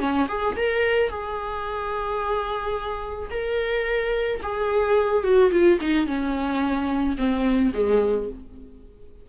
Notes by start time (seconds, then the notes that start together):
0.00 C#4
0.29 G#4
0.57 A#4
1.10 G#4
3.31 A#4
4.43 G#4
5.24 F#4
5.52 F4
5.81 D#4
6.07 C#4
7.18 C4
7.74 G#3